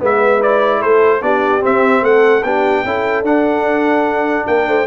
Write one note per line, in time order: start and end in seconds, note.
0.00 0.83 G#3
0.00 0.40 B3
0.00 0.80 B4
0.00 0.43 E5
0.40 1.22 E4
0.40 0.82 D5
0.80 1.22 A3
0.80 1.20 A4
0.80 1.23 C5
1.22 1.63 B3
1.22 1.61 D4
1.22 2.04 G4
1.22 1.63 D5
1.61 2.42 C4
1.61 2.02 C4
1.61 2.05 E5
2.02 2.43 A3
2.02 2.45 A4
2.02 2.44 F#5
2.44 2.84 B3
2.44 2.86 D4
2.44 2.86 G4
2.44 3.25 G5
2.85 3.23 C#4
2.85 3.25 E4
2.85 4.48 A4
3.23 4.44 D4
3.23 4.87 D4
3.23 4.47 F#5
4.47 4.68 A#3
4.47 4.68 A#4
4.47 4.87 G5
4.68 4.87 A3
4.68 4.87 C5